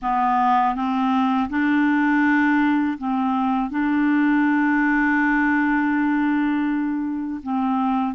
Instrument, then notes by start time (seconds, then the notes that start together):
clarinet
0.02 B3
0.75 C4
1.49 D4
2.98 C4
3.70 D4
7.42 C4